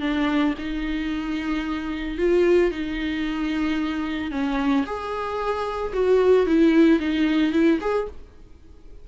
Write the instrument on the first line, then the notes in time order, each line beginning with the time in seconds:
viola
0.00 D4
0.58 D#4
2.18 F4
2.71 D#4
4.31 C#4
4.85 G#4
5.93 F#4
6.46 E4
6.99 D#4
7.52 E4
7.80 G#4